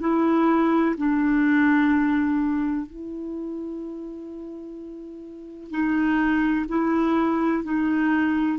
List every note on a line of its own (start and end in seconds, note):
0.00 0.95 E4
0.97 2.86 D4
2.86 5.70 E4
5.70 6.65 D#4
6.68 7.64 E4
7.64 8.58 D#4